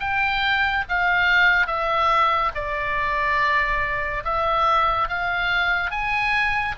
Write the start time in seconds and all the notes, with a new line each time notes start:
0.00 G5
0.89 F5
1.67 E5
2.55 D5
4.24 E5
5.08 F5
5.91 G#5